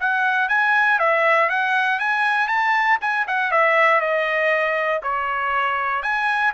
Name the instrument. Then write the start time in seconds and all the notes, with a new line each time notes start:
trumpet
0.00 F#5
0.49 G#5
0.99 E5
1.49 F#5
2.00 G#5
2.48 A5
3.01 G#5
3.28 F#5
3.52 E5
4.01 D#5
5.03 C#5
6.03 G#5